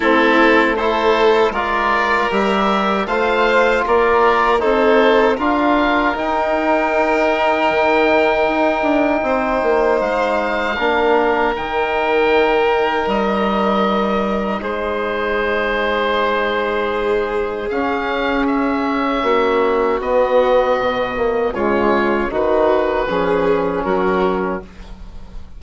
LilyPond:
<<
  \new Staff \with { instrumentName = "oboe" } { \time 4/4 \tempo 4 = 78 a'4 c''4 d''4 e''4 | f''4 d''4 c''4 f''4 | g''1~ | g''4 f''2 g''4~ |
g''4 dis''2 c''4~ | c''2. f''4 | e''2 dis''2 | cis''4 b'2 ais'4 | }
  \new Staff \with { instrumentName = "violin" } { \time 4/4 e'4 a'4 ais'2 | c''4 ais'4 a'4 ais'4~ | ais'1 | c''2 ais'2~ |
ais'2. gis'4~ | gis'1~ | gis'4 fis'2. | f'4 fis'4 gis'4 fis'4 | }
  \new Staff \with { instrumentName = "trombone" } { \time 4/4 c'4 e'4 f'4 g'4 | f'2 dis'4 f'4 | dis'1~ | dis'2 d'4 dis'4~ |
dis'1~ | dis'2. cis'4~ | cis'2 b4. ais8 | gis4 dis'4 cis'2 | }
  \new Staff \with { instrumentName = "bassoon" } { \time 4/4 a2 gis4 g4 | a4 ais4 c'4 d'4 | dis'2 dis4 dis'8 d'8 | c'8 ais8 gis4 ais4 dis4~ |
dis4 g2 gis4~ | gis2. cis'4~ | cis'4 ais4 b4 b,4 | cis4 dis4 f4 fis4 | }
>>